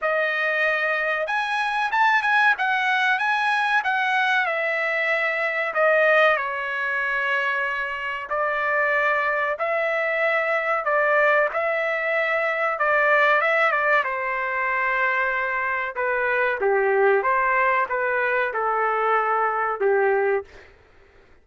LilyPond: \new Staff \with { instrumentName = "trumpet" } { \time 4/4 \tempo 4 = 94 dis''2 gis''4 a''8 gis''8 | fis''4 gis''4 fis''4 e''4~ | e''4 dis''4 cis''2~ | cis''4 d''2 e''4~ |
e''4 d''4 e''2 | d''4 e''8 d''8 c''2~ | c''4 b'4 g'4 c''4 | b'4 a'2 g'4 | }